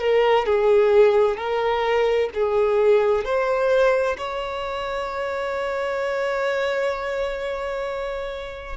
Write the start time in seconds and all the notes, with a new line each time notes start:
0.00 A#4
0.46 G#4
1.38 A#4
2.35 G#4
3.25 C5
4.18 C#5